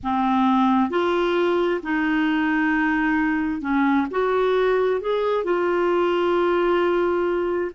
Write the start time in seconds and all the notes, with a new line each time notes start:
0.03 C4
0.90 F4
1.83 D#4
3.61 C#4
4.10 F#4
5.00 G#4
5.43 F4